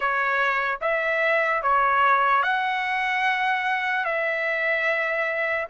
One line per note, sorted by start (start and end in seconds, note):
0.00 0.79 C#5
0.81 1.62 E5
1.62 2.43 C#5
2.43 4.05 F#5
4.05 5.67 E5